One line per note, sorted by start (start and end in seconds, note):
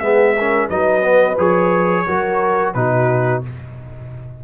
0.00 0.68 G#3
0.00 0.36 B3
0.00 0.35 G#4
0.00 0.68 E5
0.38 0.71 C#4
0.38 0.68 A#4
0.68 1.38 F#3
0.68 1.01 D#4
0.68 2.05 B4
0.68 1.38 D#5
1.01 1.36 B3
1.38 2.06 F3
1.38 2.06 G#4
1.38 2.74 C#5
2.07 2.75 F#3
2.07 2.75 F#4
2.07 2.75 A#4
2.74 3.43 B2
2.74 3.43 D#4
2.74 3.44 F#4
2.74 3.42 B4